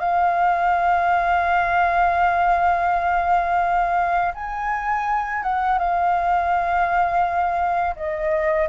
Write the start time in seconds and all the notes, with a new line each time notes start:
0.00 F5
4.35 G#5
5.43 F#5
5.79 F5
7.96 D#5